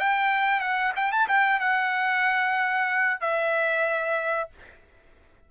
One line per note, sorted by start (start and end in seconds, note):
0.00 0.61 G5
0.61 0.93 F#5
0.96 1.12 G5
1.12 1.28 A5
1.29 1.60 G5
1.60 3.21 F#5
3.21 4.50 E5